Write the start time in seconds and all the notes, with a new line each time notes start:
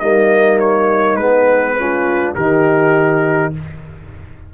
0.00 G3 A#3 D#4 D#5
0.60 C#5
1.16 G#3 B3 B4
1.77 C#4 F4
2.35 D#3 D#4 G4 A#4